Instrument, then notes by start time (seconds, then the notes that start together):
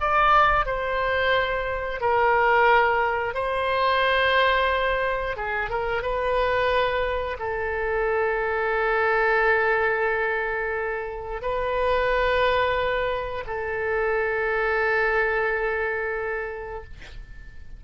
oboe
0.00 D5
0.65 C5
2.00 A#4
3.34 C5
5.36 G#4
5.69 A#4
6.02 B4
7.39 A4
11.41 B4
13.46 A4